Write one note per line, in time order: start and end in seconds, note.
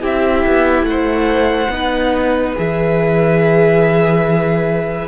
0.00 0.45 C4
0.00 1.69 E4
0.00 0.87 G4
0.00 0.85 E5
0.47 0.83 B3
0.83 1.68 A3
0.83 1.74 C5
0.83 2.54 F#5
1.70 2.55 B3
1.70 2.56 D#4
1.70 5.08 B4
2.56 5.08 E3
2.56 5.08 G#4
2.56 5.08 E5